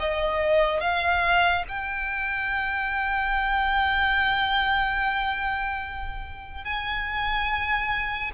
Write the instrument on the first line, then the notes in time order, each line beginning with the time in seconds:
violin
0.00 D#5
0.81 F5
1.69 G5
6.65 G#5